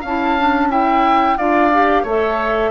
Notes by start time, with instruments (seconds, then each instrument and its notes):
0.00 bassoon C#4, oboe F5, flute A5
0.06 clarinet E4
0.38 clarinet D4
0.70 clarinet E4, oboe E5, flute G5
1.37 bassoon D4, clarinet F4, oboe D5, flute F5
1.72 clarinet G4
2.02 bassoon A3, clarinet A4, oboe C#5, flute E5